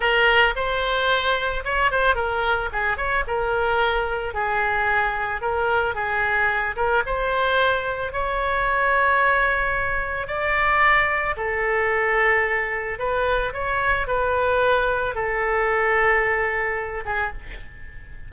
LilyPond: \new Staff \with { instrumentName = "oboe" } { \time 4/4 \tempo 4 = 111 ais'4 c''2 cis''8 c''8 | ais'4 gis'8 cis''8 ais'2 | gis'2 ais'4 gis'4~ | gis'8 ais'8 c''2 cis''4~ |
cis''2. d''4~ | d''4 a'2. | b'4 cis''4 b'2 | a'2.~ a'8 gis'8 | }